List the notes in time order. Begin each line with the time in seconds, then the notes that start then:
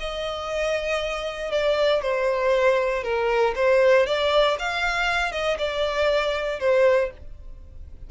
0.00 D#5
1.51 D5
2.02 C5
3.03 A#4
3.56 C5
4.07 D5
4.59 F5
5.32 D#5
5.58 D5
6.60 C5